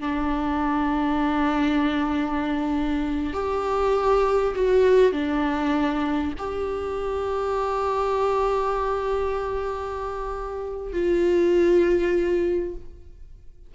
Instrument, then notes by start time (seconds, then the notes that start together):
viola
0.00 D4
3.33 G4
4.55 F#4
5.12 D4
6.38 G4
10.92 F4